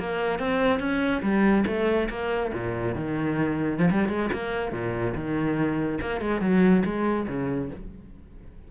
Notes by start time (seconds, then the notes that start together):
0.00 A#3
0.40 C4
0.80 C#4
1.23 G3
1.67 A3
2.10 A#3
2.54 A#2
2.95 D#3
3.79 F3
3.91 G3
4.09 G#3
4.33 A#3
4.72 A#2
5.15 D#3
6.02 A#3
6.21 G#3
6.41 F#3
6.85 G#3
7.28 C#3